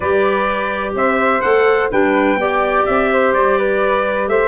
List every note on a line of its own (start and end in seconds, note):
0.00 0.94 G3
0.00 1.42 G4
0.00 0.93 B4
0.00 0.94 D5
0.94 1.42 C4
0.94 1.91 C5
0.94 1.41 E5
1.41 1.91 A3
1.41 1.89 A4
1.41 1.88 F#5
1.90 2.36 G3
1.90 2.38 D4
1.90 2.38 B4
1.90 2.85 G5
2.36 2.83 B3
2.36 4.48 G4
2.36 3.11 D5
2.85 3.33 C4
2.85 3.33 E5
3.12 3.58 C5
3.33 4.28 G3
3.33 4.28 D5
3.58 4.29 B4
4.28 4.48 A3
4.28 4.48 C5
4.28 4.48 E5